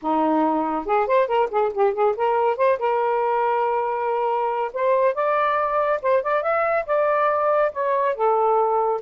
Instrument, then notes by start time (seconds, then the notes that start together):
saxophone
0.02 D#4
0.85 G#4
1.06 C5
1.27 A#4
1.50 G#4
1.73 G4
1.93 G#4
2.16 A#4
2.57 C5
2.78 A#4
4.73 C5
5.14 D5
6.02 C5
6.22 D5
6.42 E5
6.86 D5
7.72 C#5
8.15 A4